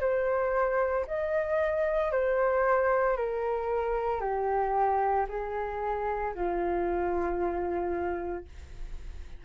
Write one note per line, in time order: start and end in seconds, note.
0.00 1.05 C5
1.07 2.11 D#5
2.11 3.17 C5
3.17 4.21 A#4
4.21 5.26 G4
5.28 6.33 G#4
6.34 8.44 F4